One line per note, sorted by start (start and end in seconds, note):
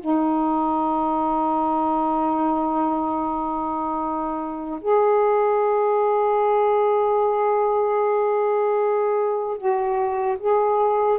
0.00 4.80 D#4
4.81 9.58 G#4
9.58 10.38 F#4
10.40 11.19 G#4